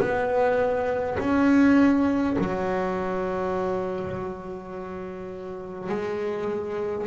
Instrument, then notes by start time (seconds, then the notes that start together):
double bass
0.00 B3
1.19 C#4
2.39 F#3
5.89 G#3